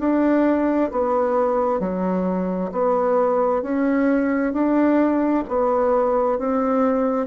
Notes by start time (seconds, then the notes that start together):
0.00 D4
0.92 B3
1.80 F#3
2.72 B3
3.62 C#4
4.53 D4
5.48 B3
6.39 C4